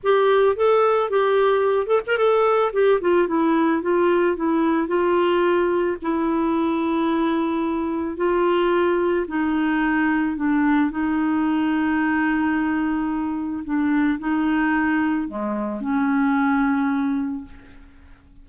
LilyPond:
\new Staff \with { instrumentName = "clarinet" } { \time 4/4 \tempo 4 = 110 g'4 a'4 g'4. a'16 ais'16 | a'4 g'8 f'8 e'4 f'4 | e'4 f'2 e'4~ | e'2. f'4~ |
f'4 dis'2 d'4 | dis'1~ | dis'4 d'4 dis'2 | gis4 cis'2. | }